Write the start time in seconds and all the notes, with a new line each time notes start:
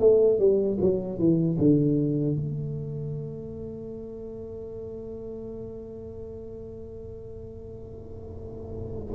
0.00 A3
0.39 G3
0.80 F#3
1.19 E3
1.58 D3
2.36 A3